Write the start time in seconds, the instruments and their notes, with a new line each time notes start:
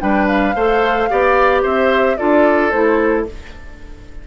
0.00 bassoon G3, clarinet D4, oboe B4, flute G5
0.27 flute F5
0.55 bassoon A3, clarinet A4, oboe C5
1.10 bassoon B3, clarinet G4, oboe D5
1.63 bassoon C4, oboe C5, flute E5
2.17 bassoon D4, clarinet F4, oboe A4, flute D5
2.71 bassoon A3, clarinet E4, flute C5